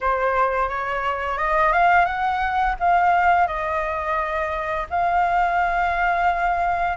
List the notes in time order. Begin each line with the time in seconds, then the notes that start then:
0.00 C5
0.68 C#5
1.38 D#5
1.72 F5
2.05 F#5
2.79 F5
3.47 D#5
4.90 F5